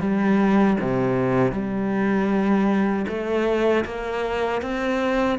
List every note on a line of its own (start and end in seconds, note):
0.00 0.77 G3
0.80 1.52 C3
1.52 3.06 G3
3.08 3.85 A3
3.85 4.62 A#3
4.62 5.39 C4